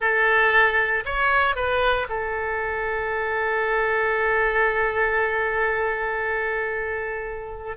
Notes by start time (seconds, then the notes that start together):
0.00 A4
1.05 C#5
1.55 B4
2.09 A4